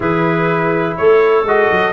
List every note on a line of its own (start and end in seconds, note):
0.00 0.94 E3
0.00 1.44 E4
0.00 0.97 G#4
0.00 0.97 B4
0.97 1.42 A3
0.97 1.92 A4
0.97 1.45 C#5
1.42 1.67 G#3
1.42 1.92 F#4
1.42 1.92 D#5
1.71 1.92 F#3